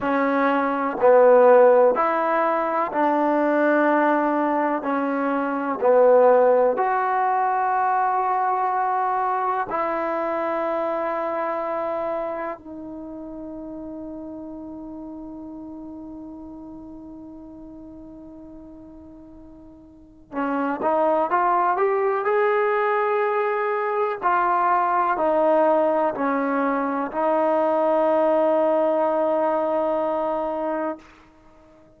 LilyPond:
\new Staff \with { instrumentName = "trombone" } { \time 4/4 \tempo 4 = 62 cis'4 b4 e'4 d'4~ | d'4 cis'4 b4 fis'4~ | fis'2 e'2~ | e'4 dis'2.~ |
dis'1~ | dis'4 cis'8 dis'8 f'8 g'8 gis'4~ | gis'4 f'4 dis'4 cis'4 | dis'1 | }